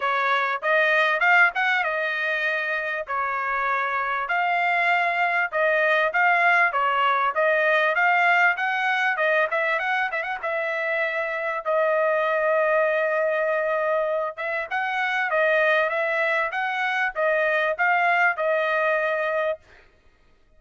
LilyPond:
\new Staff \with { instrumentName = "trumpet" } { \time 4/4 \tempo 4 = 98 cis''4 dis''4 f''8 fis''8 dis''4~ | dis''4 cis''2 f''4~ | f''4 dis''4 f''4 cis''4 | dis''4 f''4 fis''4 dis''8 e''8 |
fis''8 e''16 fis''16 e''2 dis''4~ | dis''2.~ dis''8 e''8 | fis''4 dis''4 e''4 fis''4 | dis''4 f''4 dis''2 | }